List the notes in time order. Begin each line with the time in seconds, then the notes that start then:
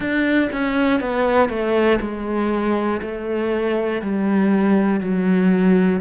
0.00 D4
0.52 C#4
1.00 B3
1.49 A3
2.00 G#3
3.01 A3
4.01 G3
5.00 F#3